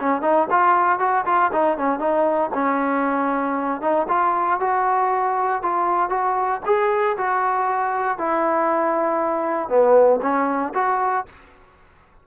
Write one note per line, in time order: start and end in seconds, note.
0.00 0.22 C#4
0.22 0.48 D#4
0.51 1.00 F4
1.00 1.25 F#4
1.26 1.52 F4
1.53 1.78 D#4
1.78 2.00 C#4
2.00 2.51 D#4
2.54 3.82 C#4
3.82 4.07 D#4
4.09 4.60 F4
4.60 5.63 F#4
5.63 6.10 F4
6.10 6.62 F#4
6.66 7.17 G#4
7.17 8.18 F#4
8.18 9.69 E4
9.69 10.21 B3
10.22 10.74 C#4
10.75 11.26 F#4